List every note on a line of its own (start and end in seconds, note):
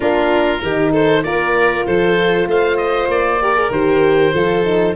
0.00 0.62 A#3
0.00 0.60 D4
0.00 0.60 F4
0.00 0.92 A#4
0.62 1.23 D#3
0.62 1.23 D#4
0.62 0.92 G4
0.92 1.23 A4
0.92 1.23 C5
1.23 1.85 A#3
1.23 3.40 F4
1.23 1.86 A#4
1.23 1.85 D5
1.86 2.46 F3
1.86 2.47 A4
1.86 2.48 C5
2.46 3.08 A3
2.46 3.41 C5
2.46 2.77 F5
2.77 3.08 D#5
3.08 3.70 A#3
3.08 3.72 D5
3.40 3.55 G4
3.40 4.33 A#4
3.55 3.70 G#4
3.70 4.32 D#3
3.70 4.34 G4
3.70 4.95 C5
4.33 4.95 F3
4.33 4.64 F4
4.33 4.95 A4
4.64 4.94 D#4